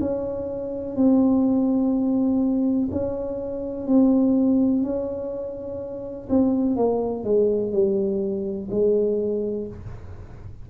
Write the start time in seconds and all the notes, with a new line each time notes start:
0.00 C#4
0.95 C4
2.91 C#4
3.87 C4
4.83 C#4
6.29 C4
6.76 A#3
7.24 G#3
7.72 G3
8.71 G#3